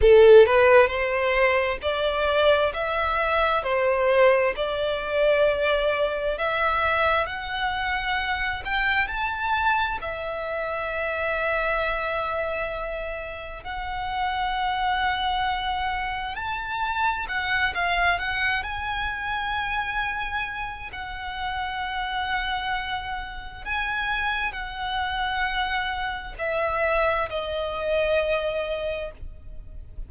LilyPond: \new Staff \with { instrumentName = "violin" } { \time 4/4 \tempo 4 = 66 a'8 b'8 c''4 d''4 e''4 | c''4 d''2 e''4 | fis''4. g''8 a''4 e''4~ | e''2. fis''4~ |
fis''2 a''4 fis''8 f''8 | fis''8 gis''2~ gis''8 fis''4~ | fis''2 gis''4 fis''4~ | fis''4 e''4 dis''2 | }